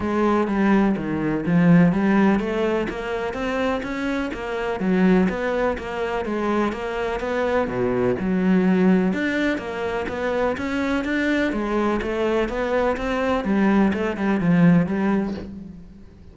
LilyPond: \new Staff \with { instrumentName = "cello" } { \time 4/4 \tempo 4 = 125 gis4 g4 dis4 f4 | g4 a4 ais4 c'4 | cis'4 ais4 fis4 b4 | ais4 gis4 ais4 b4 |
b,4 fis2 d'4 | ais4 b4 cis'4 d'4 | gis4 a4 b4 c'4 | g4 a8 g8 f4 g4 | }